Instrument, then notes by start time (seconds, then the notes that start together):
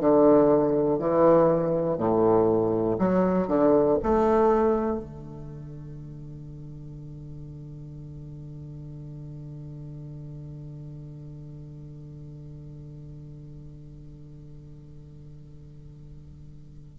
bassoon
0.00 D3
0.99 E3
1.98 A2
2.99 F#3
3.48 D3
4.03 A3
5.00 D3